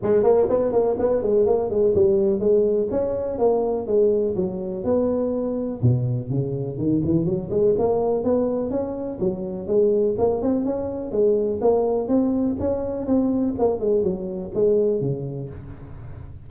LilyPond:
\new Staff \with { instrumentName = "tuba" } { \time 4/4 \tempo 4 = 124 gis8 ais8 b8 ais8 b8 gis8 ais8 gis8 | g4 gis4 cis'4 ais4 | gis4 fis4 b2 | b,4 cis4 dis8 e8 fis8 gis8 |
ais4 b4 cis'4 fis4 | gis4 ais8 c'8 cis'4 gis4 | ais4 c'4 cis'4 c'4 | ais8 gis8 fis4 gis4 cis4 | }